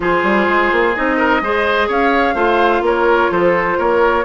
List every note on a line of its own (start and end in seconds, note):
0.00 0.23 F3
0.00 0.94 F4
0.00 1.16 G#4
0.00 0.95 C5
0.23 0.46 G3
0.48 0.72 G#3
0.72 0.95 A#3
0.94 1.41 C4
0.94 1.42 D#4
0.94 1.90 D#5
1.16 1.40 A#4
1.41 1.88 G#3
1.41 2.34 G#4
1.41 1.88 C5
1.88 2.34 C#4
1.88 2.34 C#5
1.88 2.85 F5
2.34 2.81 A3
2.34 4.23 F4
2.34 2.81 C5
2.81 3.28 A#3
2.81 3.31 A#4
2.81 3.32 C#5
3.31 3.78 F3
3.31 3.78 A4
3.31 3.79 C5
3.78 4.24 A#3
3.78 4.24 A#4
3.78 4.24 C#5